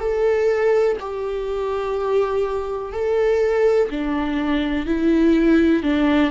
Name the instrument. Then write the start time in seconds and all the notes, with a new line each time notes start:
viola
0.00 A4
1.00 G4
2.93 A4
3.90 D4
4.86 E4
5.83 D4